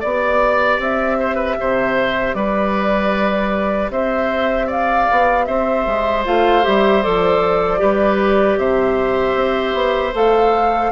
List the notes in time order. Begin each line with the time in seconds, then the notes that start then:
0.00 B3 G4 D5
0.78 C4 E5
1.19 C5
1.35 B4
1.60 C3 C5
2.34 G3 B4 D5
3.90 C4 C5 E5
4.66 D5 F5
5.11 B3
5.45 C4 C5 E5
5.86 G#3
6.24 A3 F4 F5
6.62 G3 G4 E5
7.02 F3 A4 D5
7.78 G3 G4 B4
8.58 C3 C5 E5
9.35 C4
9.73 B3
10.14 A3 A4 F5